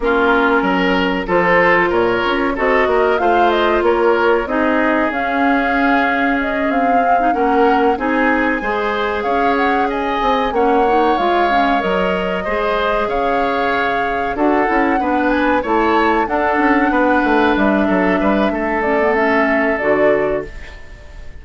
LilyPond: <<
  \new Staff \with { instrumentName = "flute" } { \time 4/4 \tempo 4 = 94 ais'2 c''4 cis''4 | dis''4 f''8 dis''8 cis''4 dis''4 | f''2 dis''8 f''4 fis''8~ | fis''8 gis''2 f''8 fis''8 gis''8~ |
gis''8 fis''4 f''4 dis''4.~ | dis''8 f''2 fis''4. | gis''8 a''4 fis''2 e''8~ | e''4. d''8 e''4 d''4 | }
  \new Staff \with { instrumentName = "oboe" } { \time 4/4 f'4 ais'4 a'4 ais'4 | a'8 ais'8 c''4 ais'4 gis'4~ | gis'2.~ gis'8 ais'8~ | ais'8 gis'4 c''4 cis''4 dis''8~ |
dis''8 cis''2. c''8~ | c''8 cis''2 a'4 b'8~ | b'8 cis''4 a'4 b'4. | a'8 b'8 a'2. | }
  \new Staff \with { instrumentName = "clarinet" } { \time 4/4 cis'2 f'2 | fis'4 f'2 dis'4 | cis'2. c'16 dis'16 cis'8~ | cis'8 dis'4 gis'2~ gis'8~ |
gis'8 cis'8 dis'8 f'8 cis'8 ais'4 gis'8~ | gis'2~ gis'8 fis'8 e'8 d'8~ | d'8 e'4 d'2~ d'8~ | d'4. cis'16 b16 cis'4 fis'4 | }
  \new Staff \with { instrumentName = "bassoon" } { \time 4/4 ais4 fis4 f4 ais,8 cis'8 | c'8 ais8 a4 ais4 c'4 | cis'2~ cis'8 c'4 ais8~ | ais8 c'4 gis4 cis'4. |
c'8 ais4 gis4 fis4 gis8~ | gis8 cis2 d'8 cis'8 b8~ | b8 a4 d'8 cis'8 b8 a8 g8 | fis8 g8 a2 d4 | }
>>